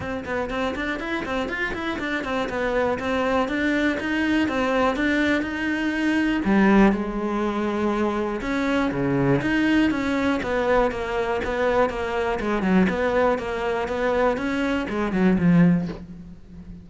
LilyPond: \new Staff \with { instrumentName = "cello" } { \time 4/4 \tempo 4 = 121 c'8 b8 c'8 d'8 e'8 c'8 f'8 e'8 | d'8 c'8 b4 c'4 d'4 | dis'4 c'4 d'4 dis'4~ | dis'4 g4 gis2~ |
gis4 cis'4 cis4 dis'4 | cis'4 b4 ais4 b4 | ais4 gis8 fis8 b4 ais4 | b4 cis'4 gis8 fis8 f4 | }